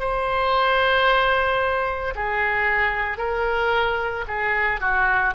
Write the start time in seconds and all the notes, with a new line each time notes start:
0.00 C5
2.15 G#4
3.18 A#4
4.28 G#4
4.81 F#4